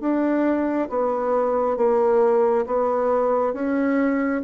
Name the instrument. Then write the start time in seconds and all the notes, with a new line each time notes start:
bassoon
0.00 D4
0.89 B3
1.77 A#3
2.66 B3
3.53 C#4